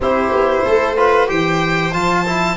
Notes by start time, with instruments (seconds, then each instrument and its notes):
0.01 tuba C4, trombone E4, viola G4, violin C5
0.31 tuba B3
0.65 tuba A3, viola A4
0.96 trombone F4, viola B4
1.27 tuba E3, trombone G4, viola C5, violin G5
1.93 tuba F3, trombone F4, violin A5
2.26 trombone E4